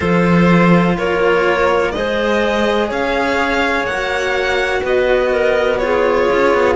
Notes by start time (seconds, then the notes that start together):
0.00 F3 F4 A4 C5
0.97 A#3 A#4 C#5
1.91 G#3 G#4 C5 D#5
2.89 C#4 C#5 F5
3.83 A#3 F#5
3.91 F#4
4.82 B3 B4 D#5
5.31 A#4
5.77 F4 G#4 C#5
6.31 C#4
6.53 B3